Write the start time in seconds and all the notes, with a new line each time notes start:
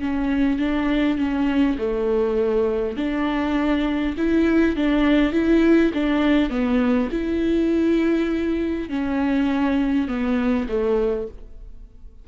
0.00 C#4
0.59 D4
1.18 C#4
1.78 A3
2.97 D4
4.17 E4
4.76 D4
5.32 E4
5.94 D4
6.50 B3
7.11 E4
8.89 C#4
10.08 B3
10.68 A3